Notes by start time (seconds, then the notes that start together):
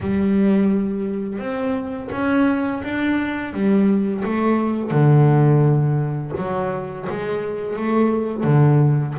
0.00 G3
1.38 C4
2.11 C#4
2.83 D4
3.53 G3
4.24 A3
4.91 D3
6.37 F#3
7.09 G#3
7.76 A3
8.43 D3